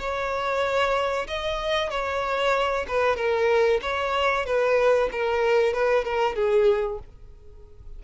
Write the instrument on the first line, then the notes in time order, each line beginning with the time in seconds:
violin
0.00 C#5
1.28 D#5
1.91 C#5
2.88 B4
3.17 A#4
3.82 C#5
4.46 B4
5.12 A#4
5.74 B4
6.05 A#4
6.36 G#4